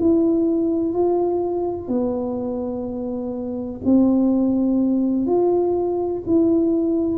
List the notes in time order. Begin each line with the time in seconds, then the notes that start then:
0.00 E4
0.94 F4
1.88 B3
3.85 C4
5.27 F4
6.26 E4